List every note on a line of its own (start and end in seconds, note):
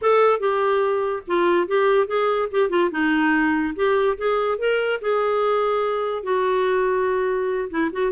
0.01 0.39 A4
0.39 1.22 G4
1.27 1.67 F4
1.67 2.07 G4
2.07 2.48 G#4
2.51 2.69 G4
2.69 2.90 F4
2.91 3.74 D#4
3.75 4.17 G4
4.17 4.58 G#4
4.58 5.00 A#4
5.01 6.23 G#4
6.23 7.69 F#4
7.70 7.90 E4
7.92 8.12 F#4